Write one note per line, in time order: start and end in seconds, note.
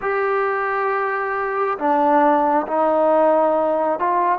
0.01 1.78 G4
1.78 2.66 D4
2.67 3.99 D#4
3.99 4.38 F4